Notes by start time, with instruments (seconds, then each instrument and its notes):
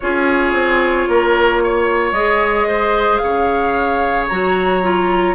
0.00 bassoon C#4, clarinet F4, oboe G#4, flute C#5
0.52 bassoon C4
1.08 bassoon A#3, oboe A#4
1.63 oboe C#5
2.12 bassoon G#3, clarinet G#4, flute D#5
2.67 oboe C5
3.17 bassoon C#3, oboe C#5, flute F5
4.27 bassoon F#3, clarinet F#4, flute A#5
4.83 clarinet F4